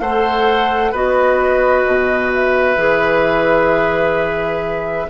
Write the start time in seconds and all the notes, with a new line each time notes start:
0.00 A3 A4 C5 F#5
0.92 B3 F#4 B4 D#5
1.86 B2
2.33 E5
2.76 E3 G#4